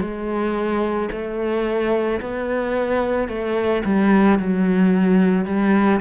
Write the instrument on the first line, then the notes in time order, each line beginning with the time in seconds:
cello
0.00 G#3
1.11 A3
2.21 B3
3.28 A3
3.84 G3
4.38 F#3
5.45 G3